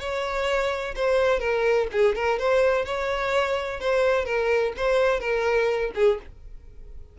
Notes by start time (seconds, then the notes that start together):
0.00 C#5
0.96 C5
1.40 A#4
1.92 G#4
2.16 A#4
2.39 C5
2.85 C#5
3.81 C5
4.26 A#4
4.77 C5
5.21 A#4
5.95 G#4